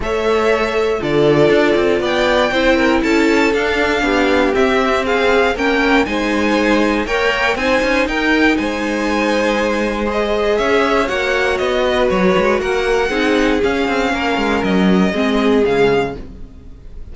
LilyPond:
<<
  \new Staff \with { instrumentName = "violin" } { \time 4/4 \tempo 4 = 119 e''2 d''2 | g''2 a''4 f''4~ | f''4 e''4 f''4 g''4 | gis''2 g''4 gis''4 |
g''4 gis''2. | dis''4 e''4 fis''4 dis''4 | cis''4 fis''2 f''4~ | f''4 dis''2 f''4 | }
  \new Staff \with { instrumentName = "violin" } { \time 4/4 cis''2 a'2 | d''4 c''8 ais'8 a'2 | g'2 gis'4 ais'4 | c''2 cis''4 c''4 |
ais'4 c''2.~ | c''4 cis''2~ cis''8 b'8~ | b'4 ais'4 gis'2 | ais'2 gis'2 | }
  \new Staff \with { instrumentName = "viola" } { \time 4/4 a'2 f'2~ | f'4 e'2 d'4~ | d'4 c'2 cis'4 | dis'2 ais'4 dis'4~ |
dis'1 | gis'2 fis'2~ | fis'2 dis'4 cis'4~ | cis'2 c'4 gis4 | }
  \new Staff \with { instrumentName = "cello" } { \time 4/4 a2 d4 d'8 c'8 | b4 c'4 cis'4 d'4 | b4 c'2 ais4 | gis2 ais4 c'8 cis'8 |
dis'4 gis2.~ | gis4 cis'4 ais4 b4 | fis8 gis8 ais4 c'4 cis'8 c'8 | ais8 gis8 fis4 gis4 cis4 | }
>>